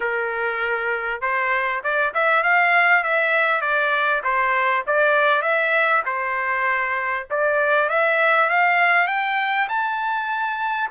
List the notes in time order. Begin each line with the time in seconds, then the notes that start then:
0.00 A#4
1.21 C5
1.83 D5
2.13 E5
2.43 F5
3.03 E5
3.61 D5
4.23 C5
4.86 D5
5.42 E5
6.05 C5
7.30 D5
7.89 E5
8.49 F5
9.07 G5
9.68 A5